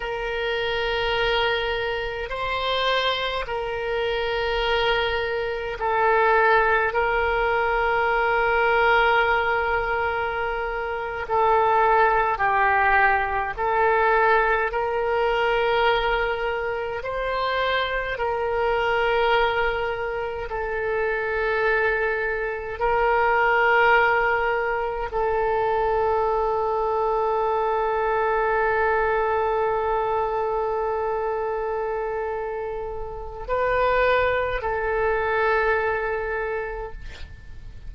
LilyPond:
\new Staff \with { instrumentName = "oboe" } { \time 4/4 \tempo 4 = 52 ais'2 c''4 ais'4~ | ais'4 a'4 ais'2~ | ais'4.~ ais'16 a'4 g'4 a'16~ | a'8. ais'2 c''4 ais'16~ |
ais'4.~ ais'16 a'2 ais'16~ | ais'4.~ ais'16 a'2~ a'16~ | a'1~ | a'4 b'4 a'2 | }